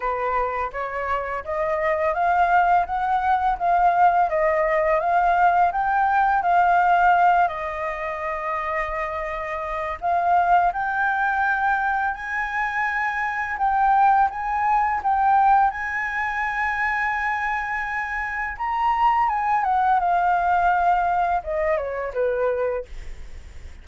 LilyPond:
\new Staff \with { instrumentName = "flute" } { \time 4/4 \tempo 4 = 84 b'4 cis''4 dis''4 f''4 | fis''4 f''4 dis''4 f''4 | g''4 f''4. dis''4.~ | dis''2 f''4 g''4~ |
g''4 gis''2 g''4 | gis''4 g''4 gis''2~ | gis''2 ais''4 gis''8 fis''8 | f''2 dis''8 cis''8 b'4 | }